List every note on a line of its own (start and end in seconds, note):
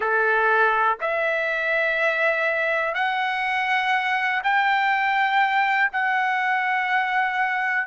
0.00 0.97 A4
1.00 2.94 E5
2.94 4.41 F#5
4.43 5.91 G5
5.92 7.87 F#5